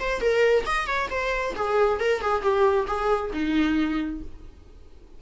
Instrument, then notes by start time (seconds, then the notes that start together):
viola
0.00 C5
0.21 A#4
0.66 D#5
0.87 C#5
1.10 C5
1.56 G#4
2.00 A#4
2.22 G#4
2.42 G4
2.87 G#4
3.33 D#4